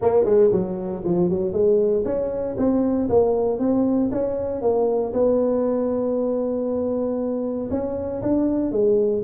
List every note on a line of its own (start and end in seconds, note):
0.01 0.24 A#3
0.24 0.50 G#3
0.52 1.03 F#3
1.04 1.29 F3
1.29 1.52 F#3
1.52 2.03 G#3
2.04 2.56 C#4
2.57 3.09 C4
3.09 3.59 A#3
3.59 4.10 C4
4.11 4.61 C#4
4.61 5.13 A#3
5.13 7.69 B3
7.70 8.21 C#4
8.22 8.71 D4
8.71 9.22 G#3